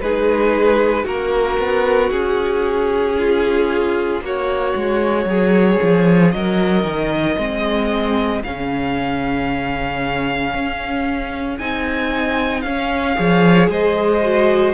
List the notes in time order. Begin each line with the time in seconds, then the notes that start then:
0.00 G#3 D#4 G#4 B4
1.04 A#3 C#4 F#4 A#4
1.58 B3
2.11 C#4 G#4
3.18 F4
4.21 A#3 F#4 C#5
4.75 G#3
5.25 F#3 G#4
5.82 F3
6.31 F#3 A#4 D#5
6.83 D#3
7.38 G#3 C4 G#4
8.43 C#3 C#4 F5
10.54 C#4
11.57 C4 D#4 G#5
12.61 C#4 F5
13.15 F3 G#4 C#5
13.68 G#3 C5 D#5
14.23 F#4